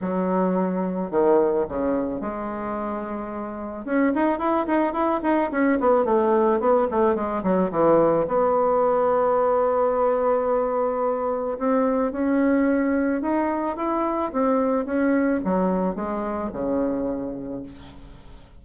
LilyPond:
\new Staff \with { instrumentName = "bassoon" } { \time 4/4 \tempo 4 = 109 fis2 dis4 cis4 | gis2. cis'8 dis'8 | e'8 dis'8 e'8 dis'8 cis'8 b8 a4 | b8 a8 gis8 fis8 e4 b4~ |
b1~ | b4 c'4 cis'2 | dis'4 e'4 c'4 cis'4 | fis4 gis4 cis2 | }